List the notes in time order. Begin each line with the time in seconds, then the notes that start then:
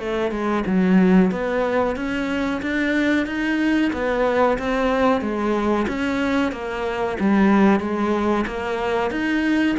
0.00 A3
0.31 G#3
0.67 F#3
1.32 B3
1.96 C#4
2.62 D4
3.27 D#4
3.93 B3
4.59 C4
5.21 G#3
5.88 C#4
6.52 A#3
7.20 G3
7.80 G#3
8.47 A#3
9.11 D#4